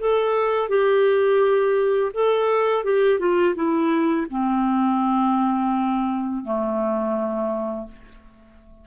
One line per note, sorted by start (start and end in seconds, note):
0.00 0.69 A4
0.69 2.12 G4
2.14 2.84 A4
2.84 3.19 G4
3.19 3.55 F4
3.56 4.27 E4
4.31 6.45 C4
6.45 7.88 A3